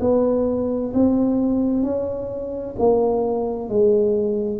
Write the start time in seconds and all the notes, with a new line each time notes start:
0.00 B3
0.94 C4
1.83 C#4
2.78 A#3
3.69 G#3